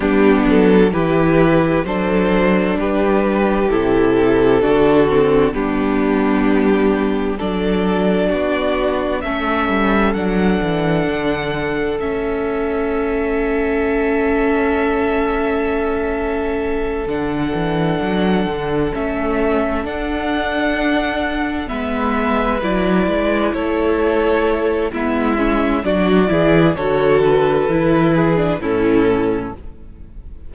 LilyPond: <<
  \new Staff \with { instrumentName = "violin" } { \time 4/4 \tempo 4 = 65 g'8 a'8 b'4 c''4 b'4 | a'2 g'2 | d''2 e''4 fis''4~ | fis''4 e''2.~ |
e''2~ e''8 fis''4.~ | fis''8 e''4 fis''2 e''8~ | e''8 d''4 cis''4. e''4 | d''4 cis''8 b'4. a'4 | }
  \new Staff \with { instrumentName = "violin" } { \time 4/4 d'4 g'4 a'4 g'4~ | g'4 fis'4 d'2 | a'4 fis'4 a'2~ | a'1~ |
a'1~ | a'2.~ a'8 b'8~ | b'4. a'4. e'4 | fis'8 gis'8 a'4. gis'8 e'4 | }
  \new Staff \with { instrumentName = "viola" } { \time 4/4 b4 e'4 d'2 | e'4 d'8 c'8 b2 | d'2 cis'4 d'4~ | d'4 cis'2.~ |
cis'2~ cis'8 d'4.~ | d'8 cis'4 d'2 b8~ | b8 e'2~ e'8 b8 cis'8 | d'8 e'8 fis'4 e'8. d'16 cis'4 | }
  \new Staff \with { instrumentName = "cello" } { \time 4/4 g8 fis8 e4 fis4 g4 | c4 d4 g2 | fis4 b4 a8 g8 fis8 e8 | d4 a2.~ |
a2~ a8 d8 e8 fis8 | d8 a4 d'2 gis8~ | gis8 fis8 gis8 a4. gis4 | fis8 e8 d4 e4 a,4 | }
>>